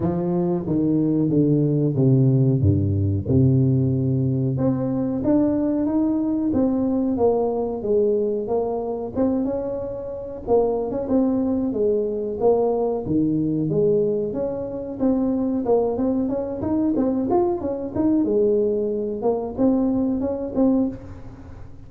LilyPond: \new Staff \with { instrumentName = "tuba" } { \time 4/4 \tempo 4 = 92 f4 dis4 d4 c4 | g,4 c2 c'4 | d'4 dis'4 c'4 ais4 | gis4 ais4 c'8 cis'4. |
ais8. cis'16 c'4 gis4 ais4 | dis4 gis4 cis'4 c'4 | ais8 c'8 cis'8 dis'8 c'8 f'8 cis'8 dis'8 | gis4. ais8 c'4 cis'8 c'8 | }